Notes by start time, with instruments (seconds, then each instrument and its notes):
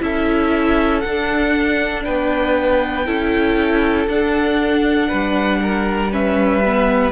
0.00 cello C#4, viola E4, violin A4 E5
1.00 cello D4, viola D4, violin F#5
2.04 cello B3, violin B4 G5
3.06 cello C#4, viola E4, violin A4
4.07 cello D4, viola D4, violin F#5
5.08 cello G3, violin B4
5.62 violin A#4
6.11 viola C#4, violin B4 E5
6.65 viola B3